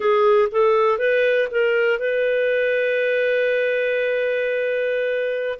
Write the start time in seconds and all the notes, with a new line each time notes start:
0.00 G#4
0.51 A4
0.98 B4
1.51 A#4
1.99 B4